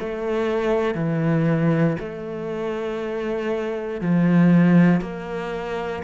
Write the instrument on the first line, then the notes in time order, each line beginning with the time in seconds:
cello
0.00 A3
0.95 E3
2.00 A3
4.01 F3
5.01 A#3